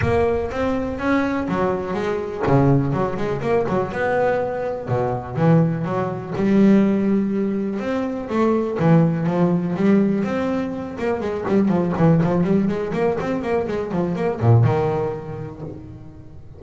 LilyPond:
\new Staff \with { instrumentName = "double bass" } { \time 4/4 \tempo 4 = 123 ais4 c'4 cis'4 fis4 | gis4 cis4 fis8 gis8 ais8 fis8 | b2 b,4 e4 | fis4 g2. |
c'4 a4 e4 f4 | g4 c'4. ais8 gis8 g8 | f8 e8 f8 g8 gis8 ais8 c'8 ais8 | gis8 f8 ais8 ais,8 dis2 | }